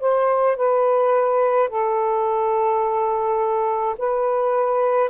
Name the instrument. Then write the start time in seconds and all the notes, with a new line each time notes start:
saxophone
0.00 C5
0.57 B4
1.69 A4
3.98 B4